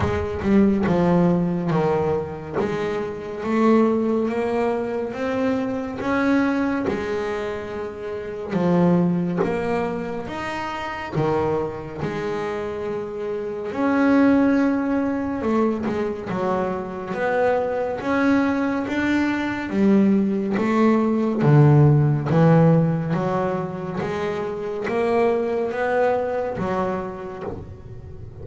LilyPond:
\new Staff \with { instrumentName = "double bass" } { \time 4/4 \tempo 4 = 70 gis8 g8 f4 dis4 gis4 | a4 ais4 c'4 cis'4 | gis2 f4 ais4 | dis'4 dis4 gis2 |
cis'2 a8 gis8 fis4 | b4 cis'4 d'4 g4 | a4 d4 e4 fis4 | gis4 ais4 b4 fis4 | }